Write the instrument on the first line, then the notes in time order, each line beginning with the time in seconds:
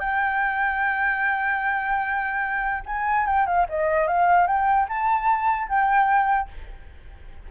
flute
0.00 G5
2.86 G#5
3.26 G5
3.47 F5
3.69 D#5
4.07 F5
4.47 G5
4.89 A5
5.68 G5